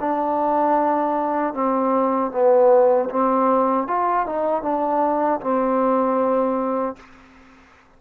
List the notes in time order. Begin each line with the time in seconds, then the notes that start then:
0.00 D4
1.54 C4
2.32 B3
3.10 C4
3.87 F4
4.26 D#4
4.63 D4
5.41 C4